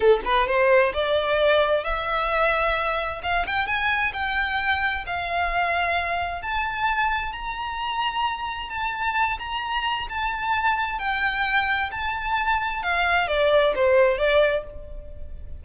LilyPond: \new Staff \with { instrumentName = "violin" } { \time 4/4 \tempo 4 = 131 a'8 b'8 c''4 d''2 | e''2. f''8 g''8 | gis''4 g''2 f''4~ | f''2 a''2 |
ais''2. a''4~ | a''8 ais''4. a''2 | g''2 a''2 | f''4 d''4 c''4 d''4 | }